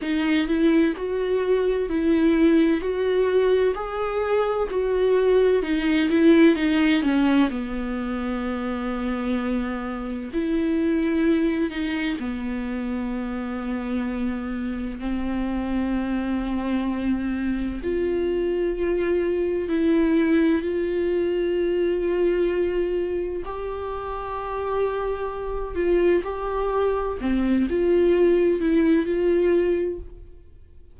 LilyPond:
\new Staff \with { instrumentName = "viola" } { \time 4/4 \tempo 4 = 64 dis'8 e'8 fis'4 e'4 fis'4 | gis'4 fis'4 dis'8 e'8 dis'8 cis'8 | b2. e'4~ | e'8 dis'8 b2. |
c'2. f'4~ | f'4 e'4 f'2~ | f'4 g'2~ g'8 f'8 | g'4 c'8 f'4 e'8 f'4 | }